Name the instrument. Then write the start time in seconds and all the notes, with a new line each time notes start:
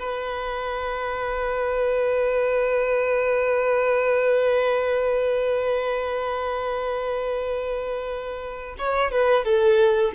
violin
0.00 B4
8.79 C#5
9.12 B4
9.45 A4